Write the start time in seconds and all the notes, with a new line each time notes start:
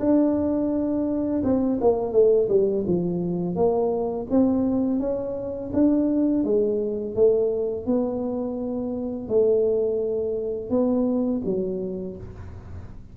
0.00 D4
1.44 C4
1.81 A#3
2.13 A3
2.49 G3
2.87 F3
3.56 A#3
4.31 C4
5.00 C#4
5.73 D4
6.44 G#3
7.15 A3
7.86 B3
9.29 A3
10.70 B3
11.45 F#3